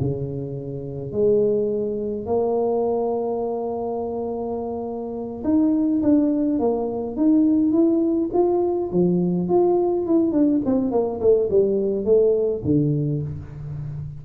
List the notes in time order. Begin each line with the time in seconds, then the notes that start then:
0.00 C#3
1.12 G#3
2.26 A#3
5.44 D#4
6.03 D4
6.59 A#3
7.16 D#4
7.72 E4
8.33 F4
8.92 F3
9.49 F4
10.07 E4
10.32 D4
10.65 C4
10.91 A#3
11.21 A3
11.50 G3
12.05 A3
12.65 D3